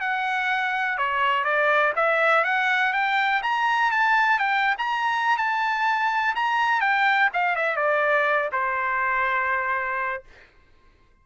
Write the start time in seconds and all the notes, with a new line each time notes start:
0.00 F#5
0.98 C#5
1.44 D5
1.95 E5
2.44 F#5
2.93 G5
3.43 A#5
3.91 A5
4.39 G5
4.78 A#5
5.37 A5
6.35 A#5
6.80 G5
7.33 F5
7.56 E5
7.76 D5
8.52 C5